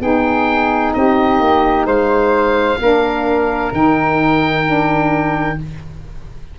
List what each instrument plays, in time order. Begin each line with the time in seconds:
0.00 tuba B3, saxophone D#4, flute G#4, oboe G5
0.93 tuba C4, flute G4, oboe D#5
1.39 tuba A#3
1.85 tuba G#3, flute C5, oboe F5
2.79 tuba A#3, saxophone D4, flute A#4
3.72 tuba D#3, saxophone D#4, oboe G5
4.65 saxophone D4